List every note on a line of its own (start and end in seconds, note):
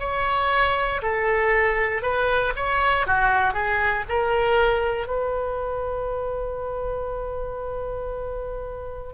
0.00 1.02 C#5
1.03 2.02 A4
2.02 2.53 B4
2.56 3.07 C#5
3.07 3.54 F#4
3.54 4.04 G#4
4.09 5.08 A#4
5.08 9.14 B4